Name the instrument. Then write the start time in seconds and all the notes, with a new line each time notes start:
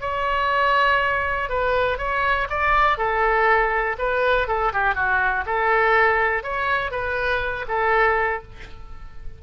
oboe
0.00 C#5
1.49 B4
1.97 C#5
2.49 D5
2.97 A4
3.98 B4
4.47 A4
4.72 G4
4.94 F#4
5.46 A4
6.43 C#5
6.91 B4
7.67 A4